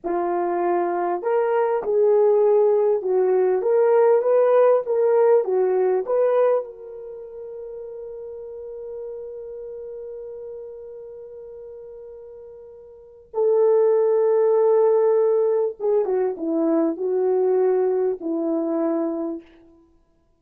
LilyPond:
\new Staff \with { instrumentName = "horn" } { \time 4/4 \tempo 4 = 99 f'2 ais'4 gis'4~ | gis'4 fis'4 ais'4 b'4 | ais'4 fis'4 b'4 ais'4~ | ais'1~ |
ais'1~ | ais'2 a'2~ | a'2 gis'8 fis'8 e'4 | fis'2 e'2 | }